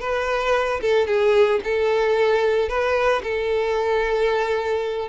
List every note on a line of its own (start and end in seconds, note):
0.00 0.80 B4
0.81 1.07 A4
1.07 1.60 G#4
1.64 2.69 A4
2.69 3.22 B4
3.23 5.08 A4